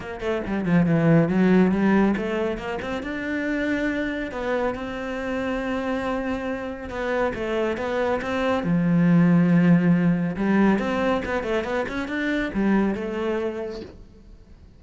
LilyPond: \new Staff \with { instrumentName = "cello" } { \time 4/4 \tempo 4 = 139 ais8 a8 g8 f8 e4 fis4 | g4 a4 ais8 c'8 d'4~ | d'2 b4 c'4~ | c'1 |
b4 a4 b4 c'4 | f1 | g4 c'4 b8 a8 b8 cis'8 | d'4 g4 a2 | }